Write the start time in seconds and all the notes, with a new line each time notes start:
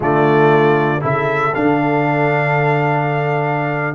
0.00 D3 A3 F4 D5
1.00 C#3 E4 A4 E5
1.54 D3 D4 F5